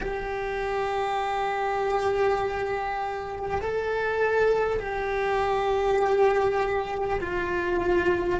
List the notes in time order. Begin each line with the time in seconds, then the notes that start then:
0.00 G4
3.61 A4
4.79 G4
7.20 F4